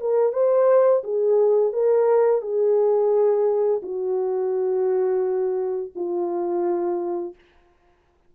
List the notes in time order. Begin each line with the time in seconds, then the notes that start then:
0.00 A#4
0.33 C5
1.03 G#4
1.73 A#4
2.41 G#4
3.82 F#4
5.95 F4